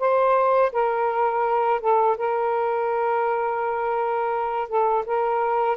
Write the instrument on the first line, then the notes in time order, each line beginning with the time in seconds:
saxophone
0.00 C5
0.73 A#4
1.81 A4
2.18 A#4
4.69 A4
5.06 A#4